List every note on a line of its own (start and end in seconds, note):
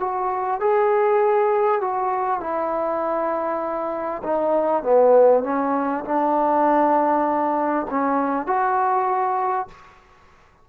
0.00 0.60 F#4
0.60 1.81 G#4
1.81 2.41 F#4
2.41 4.23 E4
4.24 4.83 D#4
4.83 5.44 B3
5.44 6.04 C#4
6.05 7.87 D4
7.90 8.47 C#4
8.47 9.68 F#4